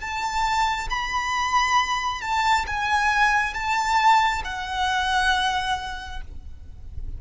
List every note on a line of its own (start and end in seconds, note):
0.00 0.88 A5
0.90 2.21 B5
2.21 2.66 A5
2.67 3.54 G#5
3.54 4.42 A5
4.44 6.21 F#5